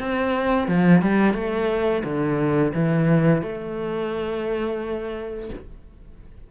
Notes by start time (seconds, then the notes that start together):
0.00 C4
0.68 F3
1.03 G3
1.34 A3
2.04 D3
2.74 E3
3.43 A3